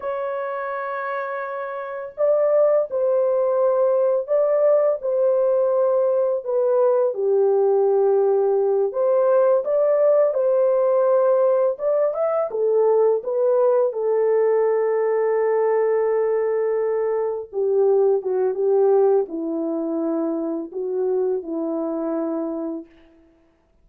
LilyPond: \new Staff \with { instrumentName = "horn" } { \time 4/4 \tempo 4 = 84 cis''2. d''4 | c''2 d''4 c''4~ | c''4 b'4 g'2~ | g'8 c''4 d''4 c''4.~ |
c''8 d''8 e''8 a'4 b'4 a'8~ | a'1~ | a'8 g'4 fis'8 g'4 e'4~ | e'4 fis'4 e'2 | }